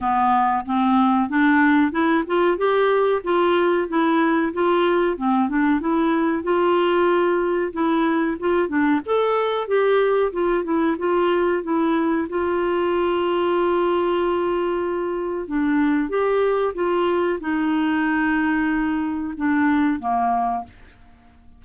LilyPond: \new Staff \with { instrumentName = "clarinet" } { \time 4/4 \tempo 4 = 93 b4 c'4 d'4 e'8 f'8 | g'4 f'4 e'4 f'4 | c'8 d'8 e'4 f'2 | e'4 f'8 d'8 a'4 g'4 |
f'8 e'8 f'4 e'4 f'4~ | f'1 | d'4 g'4 f'4 dis'4~ | dis'2 d'4 ais4 | }